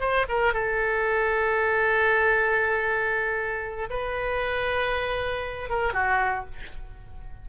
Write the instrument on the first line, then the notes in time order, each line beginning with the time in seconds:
oboe
0.00 C5
0.28 A#4
0.53 A4
3.90 B4
5.69 A#4
5.93 F#4